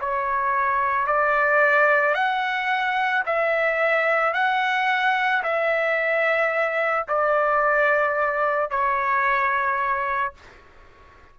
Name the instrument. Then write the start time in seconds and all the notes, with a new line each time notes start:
trumpet
0.00 C#5
1.07 D5
2.14 F#5
3.26 E5
4.33 F#5
5.43 E5
7.08 D5
8.70 C#5